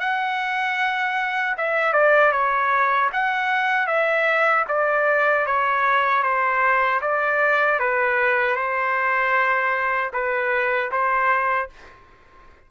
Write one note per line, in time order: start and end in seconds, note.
0.00 1.56 F#5
1.57 1.93 E5
1.93 2.32 D5
2.32 3.10 C#5
3.12 3.87 F#5
3.87 4.65 E5
4.68 5.46 D5
5.46 6.23 C#5
6.23 7.01 C5
7.01 7.79 D5
7.79 8.56 B4
8.56 10.12 C5
10.13 10.91 B4
10.91 11.69 C5